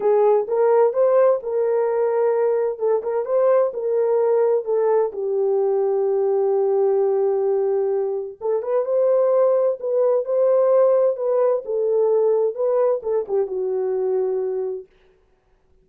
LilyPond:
\new Staff \with { instrumentName = "horn" } { \time 4/4 \tempo 4 = 129 gis'4 ais'4 c''4 ais'4~ | ais'2 a'8 ais'8 c''4 | ais'2 a'4 g'4~ | g'1~ |
g'2 a'8 b'8 c''4~ | c''4 b'4 c''2 | b'4 a'2 b'4 | a'8 g'8 fis'2. | }